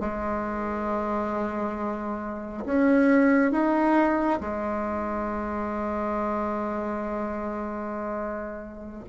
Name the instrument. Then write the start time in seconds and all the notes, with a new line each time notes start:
bassoon
0.00 G#3
2.65 C#4
3.52 D#4
4.40 G#3